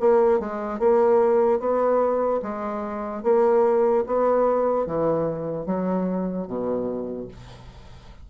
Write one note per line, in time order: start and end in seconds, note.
0.00 0.39 A#3
0.39 0.79 G#3
0.79 1.60 A#3
1.60 2.41 B3
2.43 3.23 G#3
3.23 4.04 A#3
4.07 4.86 B3
4.86 5.66 E3
5.66 6.47 F#3
6.47 7.28 B2